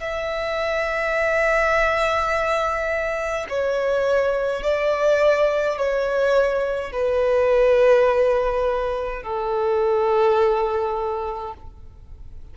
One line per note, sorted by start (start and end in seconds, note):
0.00 3.46 E5
3.49 4.63 C#5
4.63 5.78 D5
5.78 6.92 C#5
6.92 9.23 B4
9.23 11.54 A4